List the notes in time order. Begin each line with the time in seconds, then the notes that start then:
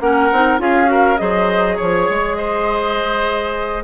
0.00 A#3 C#4 A#4 F#5
0.32 C4 D#4
0.58 C#4 F4 G#4 F5
0.86 F#4 A#4
1.17 F#3 G#4 C5 D#5
1.77 F3 C#5
2.10 G#3
2.35 C5 D#5